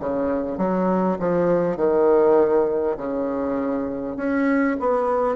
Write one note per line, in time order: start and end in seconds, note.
0.00 0.58 C#3
0.58 1.18 F#3
1.20 1.77 F3
1.77 2.97 D#3
2.97 4.17 C#3
4.17 4.77 C#4
4.81 5.36 B3